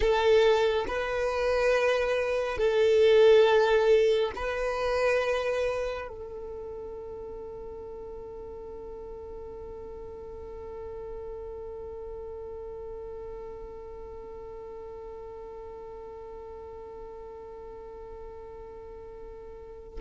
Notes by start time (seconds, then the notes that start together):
0.00 A4
0.87 B4
2.57 A4
4.35 B4
6.08 A4